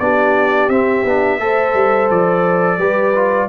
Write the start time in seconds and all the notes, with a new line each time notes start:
0.00 B3 D4 G4 D5
0.69 C4 E5
1.05 B3 D4
1.40 A3 A4 C5
1.74 G3
2.11 F3 D5
2.79 G3 G4 B4
3.16 F4